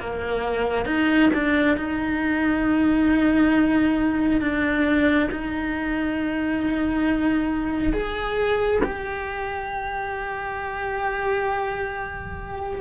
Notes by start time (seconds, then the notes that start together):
0.00 A#3
0.86 D#4
1.34 D4
1.77 D#4
4.41 D4
5.31 D#4
7.93 G#4
8.84 G4